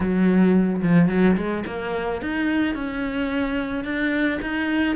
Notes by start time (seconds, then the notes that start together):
0.00 F#3
0.83 F3
1.08 F#3
1.36 G#3
1.66 A#3
2.21 D#4
2.74 C#4
3.84 D4
4.41 D#4